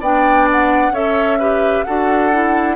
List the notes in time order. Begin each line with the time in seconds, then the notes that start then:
0.00 B3 D4 D5 G5
0.51 F#5
0.91 C#4 A4 C#5 E5
1.38 G4 B4
1.84 D4 F#4 A4 F#5
2.32 E4